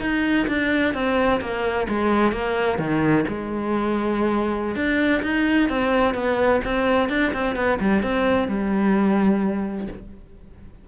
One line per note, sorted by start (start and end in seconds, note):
0.00 0.47 D#4
0.47 0.93 D4
0.93 1.40 C4
1.40 1.87 A#3
1.88 2.32 G#3
2.32 2.78 A#3
2.78 3.24 D#3
3.28 4.75 G#3
4.75 5.22 D4
5.22 5.68 D#4
5.69 6.14 C4
6.14 6.60 B3
6.64 7.09 C4
7.09 7.32 D4
7.33 7.55 C4
7.55 7.78 B3
7.79 8.02 G3
8.02 8.48 C4
8.48 9.87 G3